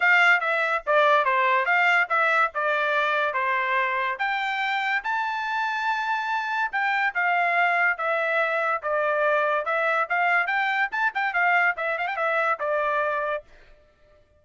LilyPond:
\new Staff \with { instrumentName = "trumpet" } { \time 4/4 \tempo 4 = 143 f''4 e''4 d''4 c''4 | f''4 e''4 d''2 | c''2 g''2 | a''1 |
g''4 f''2 e''4~ | e''4 d''2 e''4 | f''4 g''4 a''8 g''8 f''4 | e''8 f''16 g''16 e''4 d''2 | }